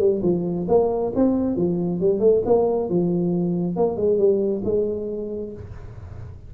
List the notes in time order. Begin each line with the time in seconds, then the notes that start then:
0.00 G3
0.23 F3
0.69 A#3
1.16 C4
1.57 F3
2.01 G3
2.21 A3
2.46 A#3
2.90 F3
3.77 A#3
3.97 G#3
4.19 G3
4.65 G#3